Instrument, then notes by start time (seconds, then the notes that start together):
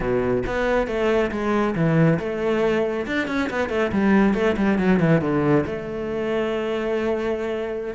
cello
0.00 B2
0.46 B3
0.87 A3
1.31 G#3
1.75 E3
2.19 A3
3.06 D4
3.27 C#4
3.50 B3
3.69 A3
3.92 G3
4.34 A3
4.57 G3
4.78 F#3
4.99 E3
5.21 D3
5.66 A3